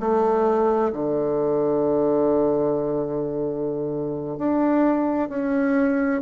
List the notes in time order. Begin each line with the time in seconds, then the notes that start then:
0.00 A3
0.93 D3
4.38 D4
5.29 C#4